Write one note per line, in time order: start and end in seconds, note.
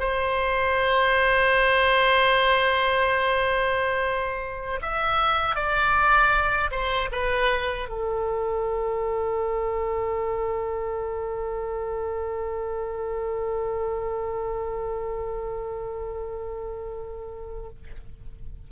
0.00 4.81 C5
4.82 5.56 E5
5.56 6.71 D5
6.71 7.10 C5
7.12 7.89 B4
7.89 17.70 A4